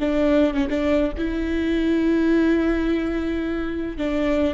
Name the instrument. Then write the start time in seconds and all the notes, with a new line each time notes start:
viola
0.00 D4
0.54 C#4
0.70 D4
1.18 E4
3.98 D4